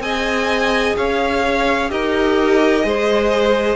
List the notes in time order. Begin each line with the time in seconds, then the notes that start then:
0.00 C4 G#4 D#5 G#5
0.97 C#4 C#5 F5
1.89 D#4 G4 A#4 D#5
2.83 G#3 G#4 C5